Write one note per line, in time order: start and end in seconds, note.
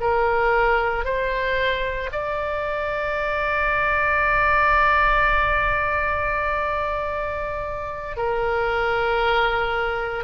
0.00 1.04 A#4
1.04 2.10 C5
2.12 8.16 D5
8.16 10.24 A#4